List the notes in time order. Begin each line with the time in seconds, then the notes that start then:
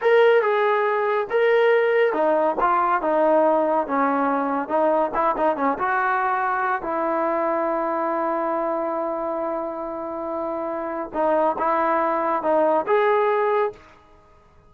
0.01 A#4
0.41 G#4
1.30 A#4
2.13 D#4
2.60 F4
3.01 D#4
3.87 C#4
4.68 D#4
5.14 E4
5.36 D#4
5.56 C#4
5.78 F#4
6.81 E4
11.13 D#4
11.58 E4
12.42 D#4
12.86 G#4